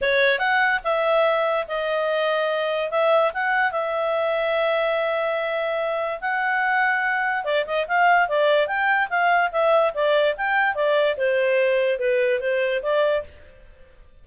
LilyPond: \new Staff \with { instrumentName = "clarinet" } { \time 4/4 \tempo 4 = 145 cis''4 fis''4 e''2 | dis''2. e''4 | fis''4 e''2.~ | e''2. fis''4~ |
fis''2 d''8 dis''8 f''4 | d''4 g''4 f''4 e''4 | d''4 g''4 d''4 c''4~ | c''4 b'4 c''4 d''4 | }